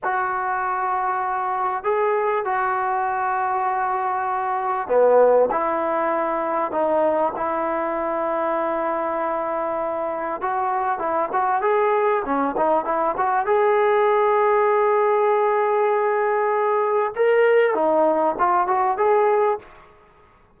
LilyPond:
\new Staff \with { instrumentName = "trombone" } { \time 4/4 \tempo 4 = 98 fis'2. gis'4 | fis'1 | b4 e'2 dis'4 | e'1~ |
e'4 fis'4 e'8 fis'8 gis'4 | cis'8 dis'8 e'8 fis'8 gis'2~ | gis'1 | ais'4 dis'4 f'8 fis'8 gis'4 | }